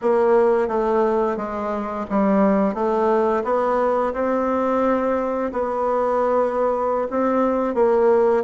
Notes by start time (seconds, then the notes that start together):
0.01 A#3
0.68 A3
1.36 G#3
2.09 G3
2.74 A3
3.44 B3
4.13 C4
5.52 B3
7.10 C4
7.74 A#3